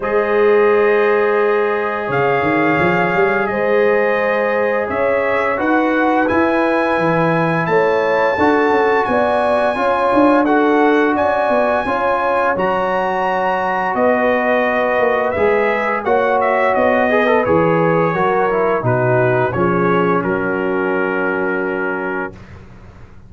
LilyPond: <<
  \new Staff \with { instrumentName = "trumpet" } { \time 4/4 \tempo 4 = 86 dis''2. f''4~ | f''4 dis''2 e''4 | fis''4 gis''2 a''4~ | a''4 gis''2 fis''4 |
gis''2 ais''2 | dis''2 e''4 fis''8 e''8 | dis''4 cis''2 b'4 | cis''4 ais'2. | }
  \new Staff \with { instrumentName = "horn" } { \time 4/4 c''2. cis''4~ | cis''4 c''2 cis''4 | b'2. cis''4 | a'4 d''4 cis''4 a'4 |
d''4 cis''2. | b'2. cis''4~ | cis''8 b'4. ais'4 fis'4 | gis'4 fis'2. | }
  \new Staff \with { instrumentName = "trombone" } { \time 4/4 gis'1~ | gis'1 | fis'4 e'2. | fis'2 f'4 fis'4~ |
fis'4 f'4 fis'2~ | fis'2 gis'4 fis'4~ | fis'8 gis'16 a'16 gis'4 fis'8 e'8 dis'4 | cis'1 | }
  \new Staff \with { instrumentName = "tuba" } { \time 4/4 gis2. cis8 dis8 | f8 g8 gis2 cis'4 | dis'4 e'4 e4 a4 | d'8 cis'8 b4 cis'8 d'4. |
cis'8 b8 cis'4 fis2 | b4. ais8 gis4 ais4 | b4 e4 fis4 b,4 | f4 fis2. | }
>>